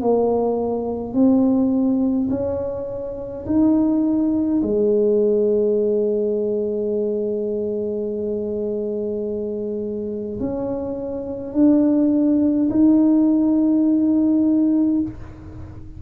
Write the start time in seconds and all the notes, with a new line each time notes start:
0.00 A#3
1.13 C4
2.30 C#4
3.46 D#4
4.62 G#3
10.40 C#4
11.53 D4
12.70 D#4